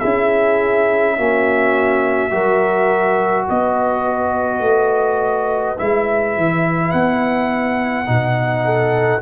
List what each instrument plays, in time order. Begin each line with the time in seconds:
0.00 tuba C#4, trombone E4, horn G#4, trumpet E5
1.18 tuba A#3, trombone C#4, horn F#4
2.31 tuba F#3, trombone F#4, horn A#4
3.46 tuba B3, horn B4, trumpet D#5
4.61 tuba A3
5.78 tuba G#3, trombone E4, trumpet E5
6.37 tuba E3
6.92 tuba B3, trumpet F#5
8.06 tuba B2, trombone D#4
8.65 horn A4